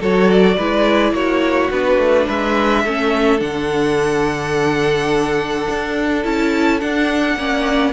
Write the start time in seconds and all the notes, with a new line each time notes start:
0.00 F#3 F#4 A4 C#5
0.31 D5
0.57 G#3 E4 B4
1.12 A#3 F#4 C#5
1.70 B3 D4 B4
1.98 A3
2.27 G#3 B4 E5
2.84 A3 C#4 A4
3.39 D3 D4 F#5
5.69 D4
6.24 C#4 E4 A5
6.81 D4 F#5
7.36 A#3 C#4 D5